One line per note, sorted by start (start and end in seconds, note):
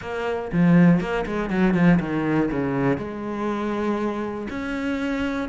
0.01 0.51 A#3
0.52 1.00 F3
1.00 1.25 A#3
1.26 1.50 G#3
1.50 1.74 F#3
1.74 1.99 F3
2.00 2.50 D#3
2.51 2.97 C#3
2.97 4.47 G#3
4.50 5.48 C#4